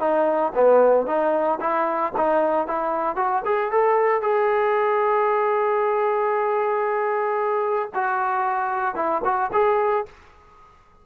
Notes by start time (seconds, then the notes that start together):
0.00 D#4
0.55 B3
1.07 D#4
1.61 E4
2.17 D#4
2.67 E4
3.16 F#4
3.46 G#4
3.71 A4
4.22 G#4
7.95 F#4
8.96 E4
9.25 F#4
9.53 G#4